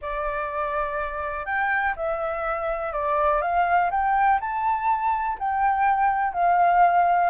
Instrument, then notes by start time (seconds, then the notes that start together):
flute
0.01 D5
1.45 G5
1.96 E5
2.93 D5
3.41 F5
3.90 G5
4.40 A5
5.38 G5
6.33 F5